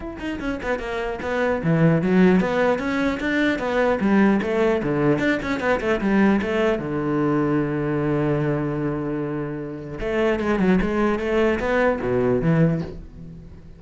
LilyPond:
\new Staff \with { instrumentName = "cello" } { \time 4/4 \tempo 4 = 150 e'8 dis'8 cis'8 b8 ais4 b4 | e4 fis4 b4 cis'4 | d'4 b4 g4 a4 | d4 d'8 cis'8 b8 a8 g4 |
a4 d2.~ | d1~ | d4 a4 gis8 fis8 gis4 | a4 b4 b,4 e4 | }